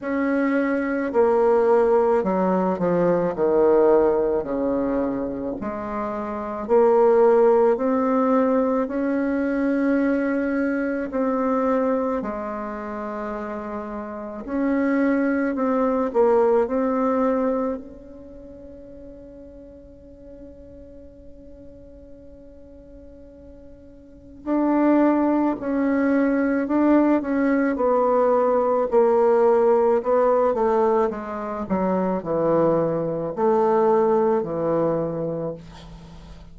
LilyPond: \new Staff \with { instrumentName = "bassoon" } { \time 4/4 \tempo 4 = 54 cis'4 ais4 fis8 f8 dis4 | cis4 gis4 ais4 c'4 | cis'2 c'4 gis4~ | gis4 cis'4 c'8 ais8 c'4 |
cis'1~ | cis'2 d'4 cis'4 | d'8 cis'8 b4 ais4 b8 a8 | gis8 fis8 e4 a4 e4 | }